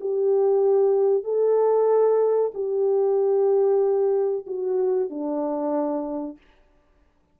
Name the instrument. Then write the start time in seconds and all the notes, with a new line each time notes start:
horn
0.00 G4
1.24 A4
2.54 G4
4.47 F#4
5.10 D4